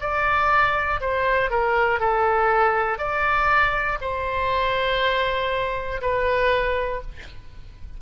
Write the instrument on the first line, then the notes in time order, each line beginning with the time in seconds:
oboe
0.00 D5
1.00 C5
1.50 A#4
2.00 A4
2.98 D5
4.01 C5
6.01 B4